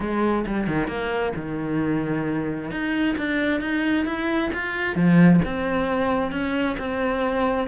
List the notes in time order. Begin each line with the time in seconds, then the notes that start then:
0.00 G#3
0.46 G3
0.67 D#3
0.87 A#3
1.35 D#3
2.70 D#4
3.17 D4
3.60 D#4
4.05 E4
4.53 F4
4.95 F3
5.44 C4
6.31 C#4
6.78 C4